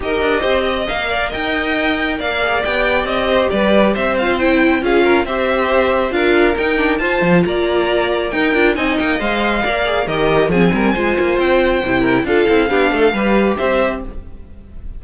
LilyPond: <<
  \new Staff \with { instrumentName = "violin" } { \time 4/4 \tempo 4 = 137 dis''2 f''4 g''4~ | g''4 f''4 g''4 dis''4 | d''4 e''8 f''8 g''4 f''4 | e''2 f''4 g''4 |
a''4 ais''2 g''4 | gis''8 g''8 f''2 dis''4 | gis''2 g''2 | f''2. e''4 | }
  \new Staff \with { instrumentName = "violin" } { \time 4/4 ais'4 c''8 dis''4 d''8 dis''4~ | dis''4 d''2~ d''8 c''8 | b'4 c''2 gis'8 ais'8 | c''2 ais'2 |
c''4 d''2 ais'4 | dis''2 d''4 ais'4 | gis'8 ais'8 c''2~ c''8 ais'8 | a'4 g'8 a'8 b'4 c''4 | }
  \new Staff \with { instrumentName = "viola" } { \time 4/4 g'2 ais'2~ | ais'4. gis'8 g'2~ | g'4. f'8 e'4 f'4 | g'2 f'4 dis'8 d'8 |
f'2. dis'8 f'8 | dis'4 c''4 ais'8 gis'8 g'4 | c'4 f'2 e'4 | f'8 e'8 d'4 g'2 | }
  \new Staff \with { instrumentName = "cello" } { \time 4/4 dis'8 d'8 c'4 ais4 dis'4~ | dis'4 ais4 b4 c'4 | g4 c'2 cis'4 | c'2 d'4 dis'4 |
f'8 f8 ais2 dis'8 d'8 | c'8 ais8 gis4 ais4 dis4 | f8 g8 gis8 ais8 c'4 c4 | d'8 c'8 b8 a8 g4 c'4 | }
>>